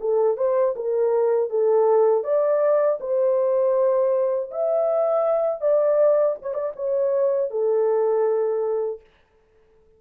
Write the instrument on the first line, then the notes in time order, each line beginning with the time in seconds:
horn
0.00 A4
0.36 C5
0.76 A#4
1.49 A4
2.23 D5
3.00 C5
4.51 E5
5.60 D5
6.41 C#5
6.54 D5
6.75 C#5
7.50 A4